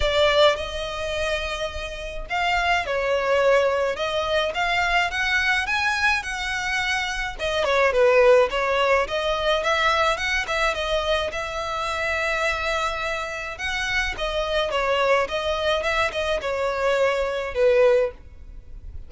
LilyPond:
\new Staff \with { instrumentName = "violin" } { \time 4/4 \tempo 4 = 106 d''4 dis''2. | f''4 cis''2 dis''4 | f''4 fis''4 gis''4 fis''4~ | fis''4 dis''8 cis''8 b'4 cis''4 |
dis''4 e''4 fis''8 e''8 dis''4 | e''1 | fis''4 dis''4 cis''4 dis''4 | e''8 dis''8 cis''2 b'4 | }